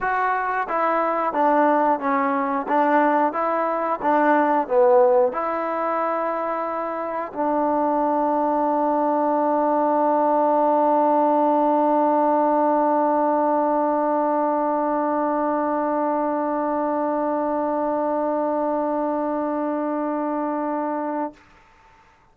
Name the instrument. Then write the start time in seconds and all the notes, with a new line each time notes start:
trombone
0.00 F#4
0.68 E4
1.33 D4
1.99 C#4
2.68 D4
3.32 E4
4.02 D4
4.67 B3
5.32 E4
7.33 D4